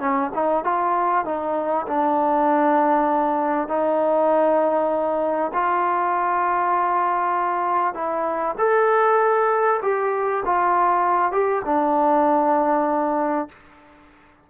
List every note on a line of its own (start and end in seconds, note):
0.00 0.31 C#4
0.34 0.64 D#4
0.64 1.25 F4
1.25 1.86 D#4
1.87 3.68 D4
3.68 5.52 D#4
5.54 7.94 F4
7.94 8.55 E4
8.58 9.81 A4
9.82 10.43 G4
10.45 11.32 F4
11.32 11.62 G4
11.65 13.49 D4